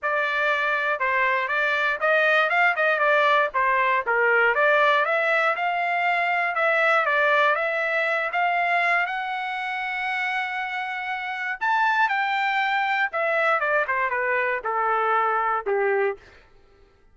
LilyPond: \new Staff \with { instrumentName = "trumpet" } { \time 4/4 \tempo 4 = 119 d''2 c''4 d''4 | dis''4 f''8 dis''8 d''4 c''4 | ais'4 d''4 e''4 f''4~ | f''4 e''4 d''4 e''4~ |
e''8 f''4. fis''2~ | fis''2. a''4 | g''2 e''4 d''8 c''8 | b'4 a'2 g'4 | }